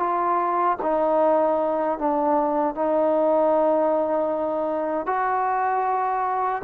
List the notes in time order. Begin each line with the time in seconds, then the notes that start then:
0.00 F4
0.83 D#4
1.99 D4
2.75 D#4
5.07 F#4